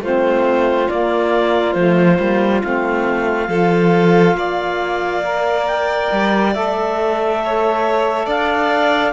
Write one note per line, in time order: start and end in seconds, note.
0.00 0.87 A3
0.00 0.90 C4
0.00 3.49 F4
0.00 0.88 C5
0.88 1.75 A#3
0.88 1.73 D5
1.73 2.18 F3
1.73 2.16 A3
1.73 2.60 C5
2.16 2.62 G3
2.16 2.60 A#3
2.61 3.48 A3
2.61 3.48 C4
2.61 5.66 F5
3.48 4.34 F3
3.48 5.22 F4
3.48 4.36 A4
4.34 6.08 A#3
4.34 7.42 D5
5.22 6.52 A#4
5.66 6.53 G5
6.12 6.55 G3
6.54 8.26 A3
6.54 9.12 A4
6.54 8.28 E5
7.44 8.26 C#5
8.26 9.12 D4
8.26 9.12 D5
8.26 9.12 F5